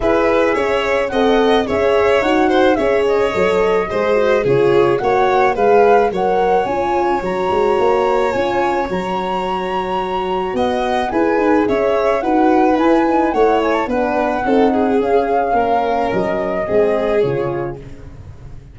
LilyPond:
<<
  \new Staff \with { instrumentName = "flute" } { \time 4/4 \tempo 4 = 108 e''2 fis''4 e''4 | fis''4 e''8 dis''2~ dis''8 | cis''4 fis''4 f''4 fis''4 | gis''4 ais''2 gis''4 |
ais''2. fis''4 | gis''4 e''4 fis''4 gis''4 | fis''8 gis''16 a''16 fis''2 f''4~ | f''4 dis''2 cis''4 | }
  \new Staff \with { instrumentName = "violin" } { \time 4/4 b'4 cis''4 dis''4 cis''4~ | cis''8 c''8 cis''2 c''4 | gis'4 cis''4 b'4 cis''4~ | cis''1~ |
cis''2. dis''4 | b'4 cis''4 b'2 | cis''4 b'4 a'8 gis'4. | ais'2 gis'2 | }
  \new Staff \with { instrumentName = "horn" } { \time 4/4 gis'2 a'4 gis'4 | fis'4 gis'4 a'4 gis'8 fis'8 | f'4 fis'4 gis'4 ais'4 | f'4 fis'2 f'4 |
fis'1 | gis'2 fis'4 e'8 dis'8 | e'4 d'4 dis'4 cis'4~ | cis'2 c'4 f'4 | }
  \new Staff \with { instrumentName = "tuba" } { \time 4/4 e'4 cis'4 c'4 cis'4 | dis'4 cis'4 fis4 gis4 | cis4 ais4 gis4 fis4 | cis'4 fis8 gis8 ais4 cis'4 |
fis2. b4 | e'8 dis'8 cis'4 dis'4 e'4 | a4 b4 c'4 cis'4 | ais4 fis4 gis4 cis4 | }
>>